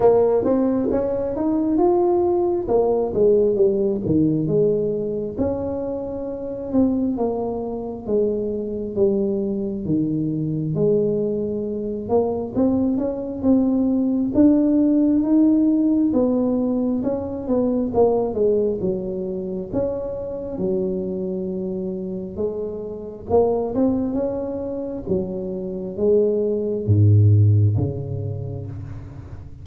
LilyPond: \new Staff \with { instrumentName = "tuba" } { \time 4/4 \tempo 4 = 67 ais8 c'8 cis'8 dis'8 f'4 ais8 gis8 | g8 dis8 gis4 cis'4. c'8 | ais4 gis4 g4 dis4 | gis4. ais8 c'8 cis'8 c'4 |
d'4 dis'4 b4 cis'8 b8 | ais8 gis8 fis4 cis'4 fis4~ | fis4 gis4 ais8 c'8 cis'4 | fis4 gis4 gis,4 cis4 | }